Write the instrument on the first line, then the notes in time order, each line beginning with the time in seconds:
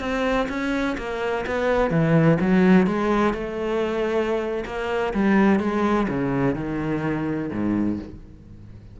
cello
0.00 C4
0.49 C#4
0.97 A#3
1.46 B3
1.90 E3
2.40 F#3
2.87 G#3
3.34 A3
4.66 A#3
5.14 G3
5.60 G#3
6.09 C#3
6.55 D#3
7.52 G#2